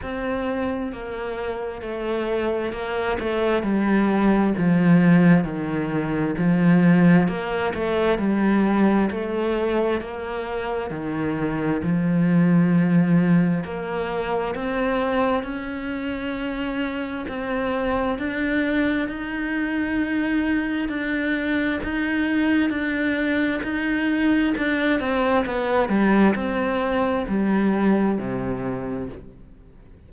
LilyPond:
\new Staff \with { instrumentName = "cello" } { \time 4/4 \tempo 4 = 66 c'4 ais4 a4 ais8 a8 | g4 f4 dis4 f4 | ais8 a8 g4 a4 ais4 | dis4 f2 ais4 |
c'4 cis'2 c'4 | d'4 dis'2 d'4 | dis'4 d'4 dis'4 d'8 c'8 | b8 g8 c'4 g4 c4 | }